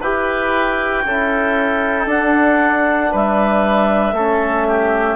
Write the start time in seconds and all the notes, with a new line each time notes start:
0.00 E4 G4 B4 G5
1.05 C#4 E4 A4
2.06 D4 F#5
3.11 G3 B4 E5
4.12 A3 C#4 A4
4.67 G4